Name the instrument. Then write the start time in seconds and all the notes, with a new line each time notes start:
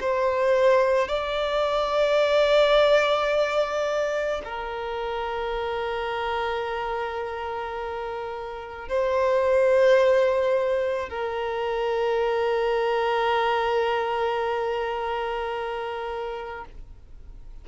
violin
0.00 C5
1.08 D5
4.44 A#4
8.88 C5
11.09 A#4